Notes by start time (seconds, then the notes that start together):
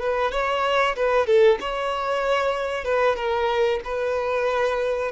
0.00 B4
0.32 C#5
0.96 B4
1.27 A4
1.61 C#5
2.85 B4
3.16 A#4
3.85 B4